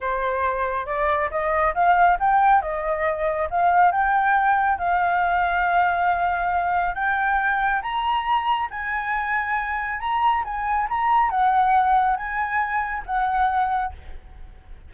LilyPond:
\new Staff \with { instrumentName = "flute" } { \time 4/4 \tempo 4 = 138 c''2 d''4 dis''4 | f''4 g''4 dis''2 | f''4 g''2 f''4~ | f''1 |
g''2 ais''2 | gis''2. ais''4 | gis''4 ais''4 fis''2 | gis''2 fis''2 | }